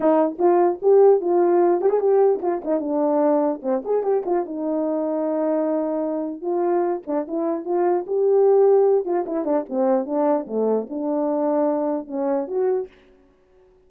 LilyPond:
\new Staff \with { instrumentName = "horn" } { \time 4/4 \tempo 4 = 149 dis'4 f'4 g'4 f'4~ | f'8 g'16 gis'16 g'4 f'8 dis'8 d'4~ | d'4 c'8 gis'8 g'8 f'8 dis'4~ | dis'1 |
f'4. d'8 e'4 f'4 | g'2~ g'8 f'8 e'8 d'8 | c'4 d'4 a4 d'4~ | d'2 cis'4 fis'4 | }